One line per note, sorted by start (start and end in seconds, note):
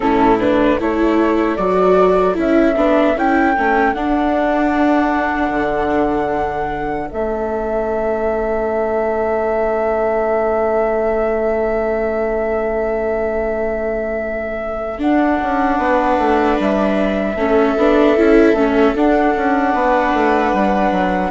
0.00 0.80 A2
0.00 0.38 C#4
0.00 0.77 E4
0.00 0.38 A4
0.39 0.79 D4
0.39 0.79 B4
0.77 1.58 A3
0.77 1.58 E4
0.77 15.77 A4
0.77 1.56 C#5
1.56 2.37 F#3
1.56 2.34 F#4
1.56 2.35 D5
2.34 2.76 C#4
2.34 2.74 E4
2.34 3.17 E5
2.76 3.15 B3
2.76 3.15 D4
3.15 3.54 C#4
3.15 3.56 E4
3.15 3.93 G5
3.56 3.93 A3
3.56 3.95 C#4
3.93 5.50 D4
3.93 7.11 D4
3.93 7.09 F#5
5.50 7.08 D3
7.11 14.99 A3
7.11 14.98 C#4
7.11 15.00 E5
14.98 17.35 D4
14.98 15.38 D4
14.98 16.58 F#5
15.42 15.78 C#4
15.78 16.17 B3
15.78 17.37 B4
16.17 16.57 A3
16.59 17.35 G3
16.59 18.96 E5
17.35 17.74 A3
17.35 17.77 C#4
17.35 19.73 A4
17.77 18.16 B3
17.77 18.16 D4
18.16 18.52 C#4
18.16 18.56 E4
18.52 18.92 A3
18.52 18.95 C#4
18.95 19.35 D4
18.95 21.31 D4
18.95 21.31 F#5
19.36 19.73 C#4
19.73 20.13 B3
19.73 21.31 B4
20.13 20.52 A3
20.53 20.91 G3
20.91 21.31 F#3